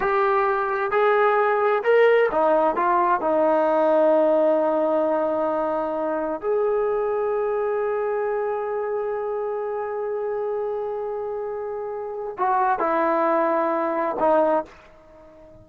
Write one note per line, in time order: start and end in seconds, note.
0.00 0.91 G4
0.91 1.82 G#4
1.83 2.29 A#4
2.31 2.76 D#4
2.76 3.20 F4
3.20 6.40 D#4
6.40 12.36 G#4
12.37 12.79 F#4
12.79 14.16 E4
14.19 14.64 D#4